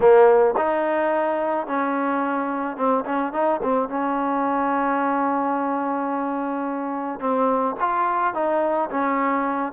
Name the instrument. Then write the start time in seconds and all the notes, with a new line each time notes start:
trombone
0.00 A#3
0.57 D#4
1.66 C#4
2.76 C4
3.05 C#4
3.32 D#4
3.62 C4
3.89 C#4
7.19 C4
7.80 F4
8.33 D#4
8.90 C#4